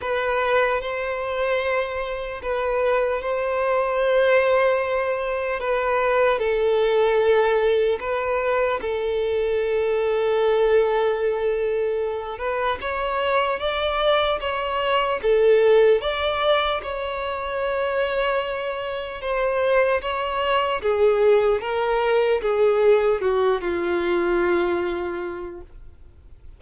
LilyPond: \new Staff \with { instrumentName = "violin" } { \time 4/4 \tempo 4 = 75 b'4 c''2 b'4 | c''2. b'4 | a'2 b'4 a'4~ | a'2.~ a'8 b'8 |
cis''4 d''4 cis''4 a'4 | d''4 cis''2. | c''4 cis''4 gis'4 ais'4 | gis'4 fis'8 f'2~ f'8 | }